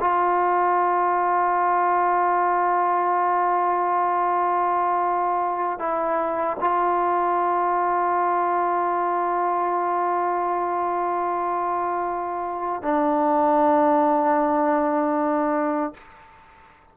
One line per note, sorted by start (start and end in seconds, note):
0.00 5.79 F4
5.79 6.57 E4
6.60 12.82 F4
12.82 15.94 D4